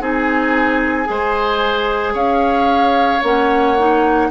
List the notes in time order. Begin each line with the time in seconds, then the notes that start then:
0.00 C4 D#4 G#4 G#5
1.05 G#3 G#4 C5
2.14 C#4 C#5 F5
3.23 A#3 C#4 F#5
3.78 D#4